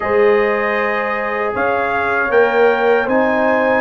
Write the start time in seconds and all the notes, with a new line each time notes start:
0.00 G#3 G#4 C5 D#5
1.54 C#4 C#5 F5
2.30 A#3 A#4 G5
3.05 C4 D#4 C5 G#5